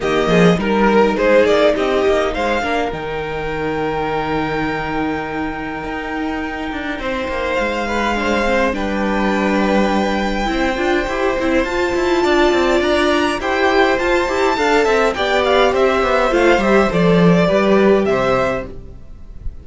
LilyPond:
<<
  \new Staff \with { instrumentName = "violin" } { \time 4/4 \tempo 4 = 103 dis''4 ais'4 c''8 d''8 dis''4 | f''4 g''2.~ | g''1~ | g''4 f''2 g''4~ |
g''1 | a''2 ais''4 g''4 | a''2 g''8 f''8 e''4 | f''8 e''8 d''2 e''4 | }
  \new Staff \with { instrumentName = "violin" } { \time 4/4 g'8 gis'8 ais'4 gis'4 g'4 | c''8 ais'2.~ ais'8~ | ais'1 | c''4. b'8 c''4 b'4~ |
b'2 c''2~ | c''4 d''2 c''4~ | c''4 f''8 e''8 d''4 c''4~ | c''2 b'4 c''4 | }
  \new Staff \with { instrumentName = "viola" } { \time 4/4 ais4 dis'2.~ | dis'8 d'8 dis'2.~ | dis'1~ | dis'2 d'8 c'8 d'4~ |
d'2 e'8 f'8 g'8 e'8 | f'2. g'4 | f'8 g'8 a'4 g'2 | f'8 g'8 a'4 g'2 | }
  \new Staff \with { instrumentName = "cello" } { \time 4/4 dis8 f8 g4 gis8 ais8 c'8 ais8 | gis8 ais8 dis2.~ | dis2 dis'4. d'8 | c'8 ais8 gis2 g4~ |
g2 c'8 d'8 e'8 c'8 | f'8 e'8 d'8 c'8 d'4 e'4 | f'8 e'8 d'8 c'8 b4 c'8 b8 | a8 g8 f4 g4 c4 | }
>>